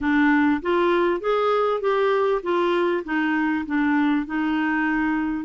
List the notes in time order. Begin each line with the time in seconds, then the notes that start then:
0.00 D4
0.62 F4
1.20 G#4
1.80 G4
2.42 F4
3.04 D#4
3.66 D4
4.26 D#4